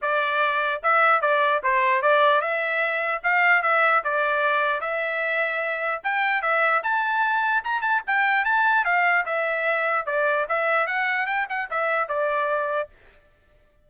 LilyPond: \new Staff \with { instrumentName = "trumpet" } { \time 4/4 \tempo 4 = 149 d''2 e''4 d''4 | c''4 d''4 e''2 | f''4 e''4 d''2 | e''2. g''4 |
e''4 a''2 ais''8 a''8 | g''4 a''4 f''4 e''4~ | e''4 d''4 e''4 fis''4 | g''8 fis''8 e''4 d''2 | }